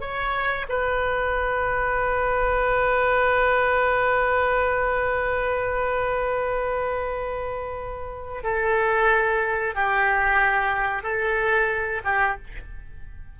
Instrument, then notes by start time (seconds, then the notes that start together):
oboe
0.00 C#5
0.69 B4
8.43 A4
9.75 G4
11.03 A4
12.04 G4